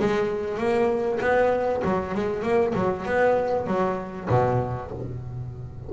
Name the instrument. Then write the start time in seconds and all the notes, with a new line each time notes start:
double bass
0.00 G#3
0.57 A#3
1.21 B3
1.84 F#3
2.15 G#3
2.43 A#3
2.75 F#3
3.06 B3
3.67 F#3
4.29 B2